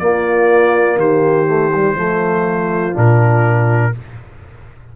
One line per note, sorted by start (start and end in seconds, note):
0.00 0.96 A#3
0.00 1.47 A#3
0.00 0.99 F4
0.00 0.98 D5
0.96 1.95 D#3
0.96 1.97 G4
0.96 2.97 C5
1.47 1.71 A3
1.75 1.96 G3
1.96 2.95 F3
1.96 2.94 A3
1.96 3.95 F4
2.94 3.95 A#2
2.94 3.92 D4
2.94 3.96 A#4